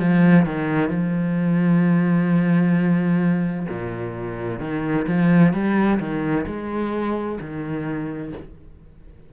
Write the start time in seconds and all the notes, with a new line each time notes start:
0.00 F3
0.46 D#3
0.90 F3
3.69 A#2
4.60 D#3
5.08 F3
5.54 G3
6.00 D#3
6.47 G#3
7.41 D#3